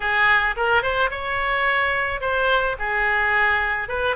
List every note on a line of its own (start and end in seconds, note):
0.00 0.55 G#4
0.56 0.82 A#4
0.82 1.10 C5
1.10 2.20 C#5
2.20 2.76 C5
2.78 3.88 G#4
3.88 4.15 B4